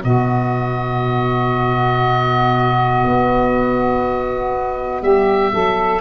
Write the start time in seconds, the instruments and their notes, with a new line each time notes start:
0.00 tuba B2, clarinet B3, saxophone F#4, oboe D#5
3.05 tuba B3
5.02 tuba G3, saxophone G4, oboe E5
5.53 tuba F#3, saxophone A4